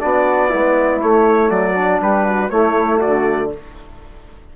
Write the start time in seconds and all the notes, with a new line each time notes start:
0.00 B3 D4 F#4 D5
0.50 G#3 B3 E4
1.01 A3 C#5
1.50 F#3 F#4 D5
1.75 D4
2.01 G3 G4 B4
2.24 F#4
2.50 A3 E4 C#5
2.98 F#4 D5
3.06 D3